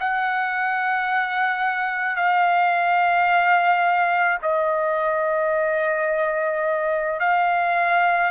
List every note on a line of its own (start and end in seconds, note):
0.00 2.16 F#5
2.16 4.38 F5
4.42 7.20 D#5
7.20 8.31 F5